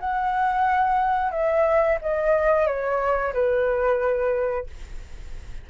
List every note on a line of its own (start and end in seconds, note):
0.00 1.32 F#5
1.32 1.98 E5
2.02 2.67 D#5
2.67 3.33 C#5
3.34 4.67 B4